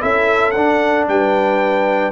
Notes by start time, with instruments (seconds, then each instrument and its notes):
0.00 tuba C#4, trombone E4, horn A4, trumpet E5
0.51 tuba D4, trombone D4, trumpet F#5
1.08 tuba G3, horn B4, trumpet G5